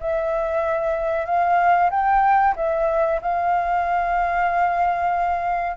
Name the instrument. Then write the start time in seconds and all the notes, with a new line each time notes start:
flute
0.00 E5
1.26 F5
1.90 G5
2.56 E5
3.22 F5